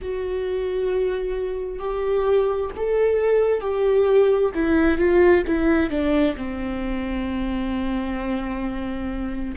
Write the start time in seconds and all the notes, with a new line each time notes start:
0.01 F#4
1.79 G4
2.76 A4
3.60 G4
4.54 E4
4.98 F4
5.47 E4
5.90 D4
6.36 C4